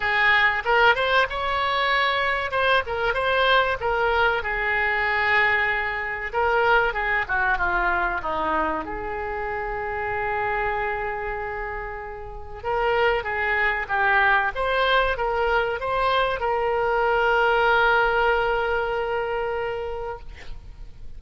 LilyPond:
\new Staff \with { instrumentName = "oboe" } { \time 4/4 \tempo 4 = 95 gis'4 ais'8 c''8 cis''2 | c''8 ais'8 c''4 ais'4 gis'4~ | gis'2 ais'4 gis'8 fis'8 | f'4 dis'4 gis'2~ |
gis'1 | ais'4 gis'4 g'4 c''4 | ais'4 c''4 ais'2~ | ais'1 | }